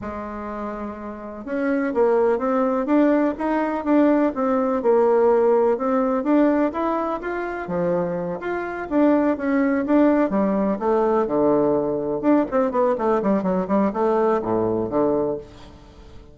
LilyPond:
\new Staff \with { instrumentName = "bassoon" } { \time 4/4 \tempo 4 = 125 gis2. cis'4 | ais4 c'4 d'4 dis'4 | d'4 c'4 ais2 | c'4 d'4 e'4 f'4 |
f4. f'4 d'4 cis'8~ | cis'8 d'4 g4 a4 d8~ | d4. d'8 c'8 b8 a8 g8 | fis8 g8 a4 a,4 d4 | }